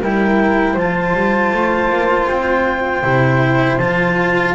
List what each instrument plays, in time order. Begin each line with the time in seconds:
0.00 double bass G3, cello E4, flute A#4, clarinet G5
0.73 double bass F3, cello F4, flute C5, clarinet A5
1.13 double bass G3
1.53 double bass A3
1.89 double bass A#3
2.27 double bass C4, clarinet G5
3.03 double bass C3, cello E4
3.78 double bass F3, cello F4, clarinet A5